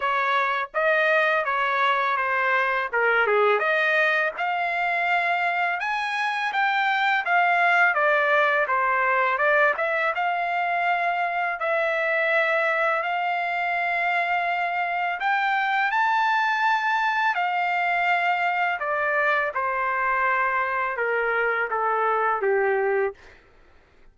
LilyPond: \new Staff \with { instrumentName = "trumpet" } { \time 4/4 \tempo 4 = 83 cis''4 dis''4 cis''4 c''4 | ais'8 gis'8 dis''4 f''2 | gis''4 g''4 f''4 d''4 | c''4 d''8 e''8 f''2 |
e''2 f''2~ | f''4 g''4 a''2 | f''2 d''4 c''4~ | c''4 ais'4 a'4 g'4 | }